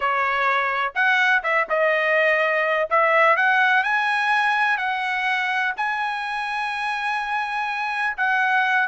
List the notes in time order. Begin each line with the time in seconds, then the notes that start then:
0.00 C#5
0.94 F#5
1.43 E5
1.69 D#5
2.90 E5
3.36 F#5
3.83 G#5
4.77 F#5
5.76 G#5
8.17 F#5